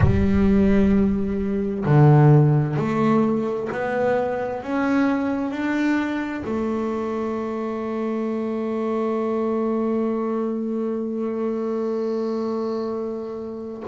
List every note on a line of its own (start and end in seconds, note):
0.00 1.84 G3
1.85 2.76 D3
2.76 3.68 A3
3.72 4.62 B3
4.62 5.50 C#4
5.50 6.43 D4
6.44 13.83 A3